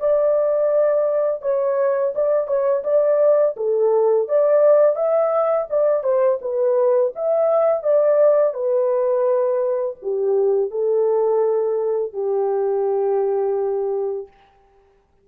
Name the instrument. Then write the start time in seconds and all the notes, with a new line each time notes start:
horn
0.00 D5
1.42 C#5
2.15 D5
2.47 C#5
2.84 D5
3.57 A4
4.28 D5
4.96 E5
5.70 D5
6.04 C5
6.42 B4
7.16 E5
7.83 D5
8.54 B4
10.02 G4
10.71 A4
12.13 G4